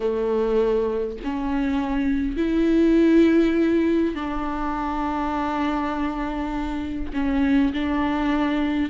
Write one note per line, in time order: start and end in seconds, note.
0.00 1.17 A3
1.23 2.37 C#4
2.37 4.14 E4
4.14 7.12 D4
7.13 7.72 C#4
7.73 8.89 D4